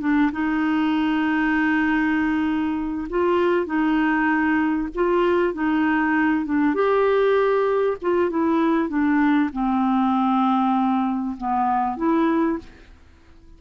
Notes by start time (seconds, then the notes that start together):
0.00 D4
0.32 D#4
3.09 F4
3.66 D#4
4.95 F4
5.53 D#4
6.45 D4
6.74 G4
8.01 F4
8.30 E4
8.88 D4
9.53 C4
11.37 B3
11.97 E4